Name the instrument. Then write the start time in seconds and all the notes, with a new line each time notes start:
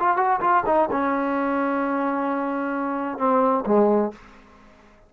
trombone
0.00 F4
0.17 F#4
0.41 F4
0.67 D#4
0.91 C#4
3.18 C4
3.67 G#3